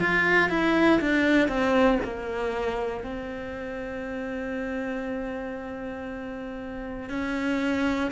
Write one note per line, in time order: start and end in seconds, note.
0.00 0.49 F4
0.49 1.00 E4
1.01 1.48 D4
1.48 1.99 C4
2.04 3.04 A#3
3.04 7.10 C4
7.10 8.11 C#4